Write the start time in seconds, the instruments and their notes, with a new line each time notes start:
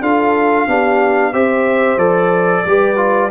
0.00 tuba D4, trombone F4, horn A4, trumpet F5
0.67 tuba B3, trombone D4, horn G4
1.32 tuba C4, trombone G4, horn C5, trumpet E5
1.96 tuba F3, trombone A4, trumpet D5
2.65 tuba G3, trombone G4, horn B4
2.96 trombone F4